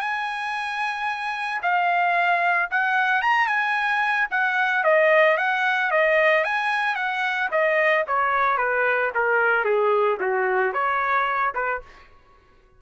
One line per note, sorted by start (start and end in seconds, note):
0.00 1.61 G#5
1.62 2.69 F5
2.70 3.22 F#5
3.22 3.47 A#5
3.47 4.27 G#5
4.30 4.83 F#5
4.83 5.37 D#5
5.37 5.91 F#5
5.91 6.44 D#5
6.44 6.95 G#5
6.95 7.49 F#5
7.51 8.04 D#5
8.07 8.57 C#5
8.57 9.10 B4
9.14 9.64 A#4
9.64 10.18 G#4
10.20 10.72 F#4
10.72 11.53 C#5
11.54 11.81 B4